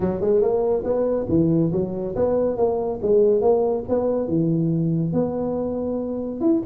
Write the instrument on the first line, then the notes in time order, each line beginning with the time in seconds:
tuba
0.00 F#3
0.20 G#3
0.41 A#3
0.83 B3
1.28 E3
1.72 F#3
2.15 B3
2.57 A#3
3.02 G#3
3.41 A#3
3.88 B3
4.28 E3
5.13 B3
6.41 E4